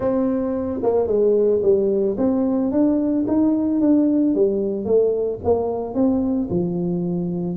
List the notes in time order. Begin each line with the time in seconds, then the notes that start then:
0.00 C4
0.82 A#3
1.07 G#3
1.62 G3
2.17 C4
2.71 D4
3.27 D#4
3.81 D4
4.35 G3
4.85 A3
5.43 A#3
5.94 C4
6.50 F3